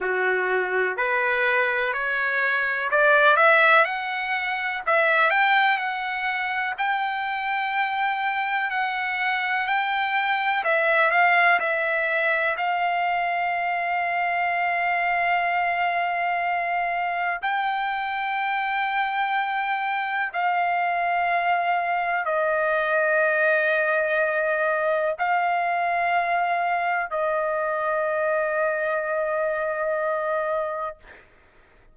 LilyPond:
\new Staff \with { instrumentName = "trumpet" } { \time 4/4 \tempo 4 = 62 fis'4 b'4 cis''4 d''8 e''8 | fis''4 e''8 g''8 fis''4 g''4~ | g''4 fis''4 g''4 e''8 f''8 | e''4 f''2.~ |
f''2 g''2~ | g''4 f''2 dis''4~ | dis''2 f''2 | dis''1 | }